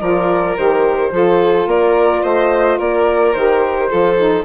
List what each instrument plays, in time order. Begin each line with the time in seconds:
0.00 bassoon F3, saxophone F4, violin A#4, flute D5
0.55 bassoon D#3, saxophone G4, flute C5
1.11 bassoon F3, saxophone F4, violin A4
1.67 bassoon A#3, violin A#4, flute D5
2.23 bassoon A3, violin C5, flute D#5
2.78 bassoon A#3, violin A#4, flute D5
3.33 bassoon D#3, saxophone G4, flute C5
3.89 bassoon F3, saxophone F4, violin A4
4.17 saxophone D#4